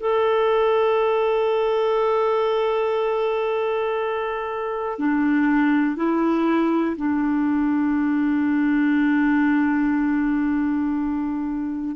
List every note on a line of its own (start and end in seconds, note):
0.00 4.98 A4
4.98 5.96 D4
5.96 6.96 E4
6.96 11.96 D4